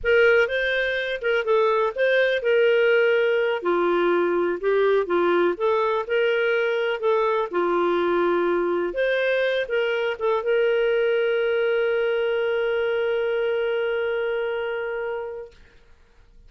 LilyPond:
\new Staff \with { instrumentName = "clarinet" } { \time 4/4 \tempo 4 = 124 ais'4 c''4. ais'8 a'4 | c''4 ais'2~ ais'8 f'8~ | f'4. g'4 f'4 a'8~ | a'8 ais'2 a'4 f'8~ |
f'2~ f'8 c''4. | ais'4 a'8 ais'2~ ais'8~ | ais'1~ | ais'1 | }